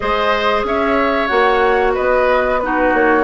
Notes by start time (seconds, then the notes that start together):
0.00 G#3 G#4 C5 D#5
0.64 C#4 C#5 E5
1.27 A#3 F#4 F#5
1.93 B3 B4 D#5
2.60 D#4 F#4 B4
2.93 A#3 C#5